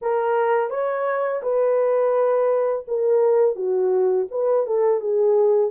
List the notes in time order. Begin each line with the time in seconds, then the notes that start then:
0.01 A#4
0.70 C#5
1.42 B4
2.87 A#4
3.55 F#4
4.31 B4
4.66 A4
5.00 G#4